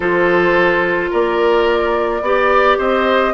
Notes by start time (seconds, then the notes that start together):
0.00 F3 F4 A4 C5
1.10 A#3 A#4 D5
2.21 B3 G4 D5
2.78 C4 C5 D#5